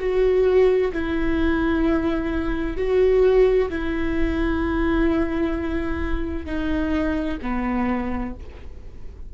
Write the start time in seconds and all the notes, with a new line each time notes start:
0.00 F#4
0.93 E4
2.77 F#4
3.70 E4
6.46 D#4
7.42 B3